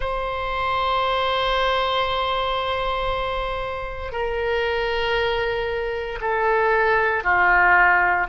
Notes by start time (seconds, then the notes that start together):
0.00 C5
4.11 A#4
6.21 A4
7.23 F4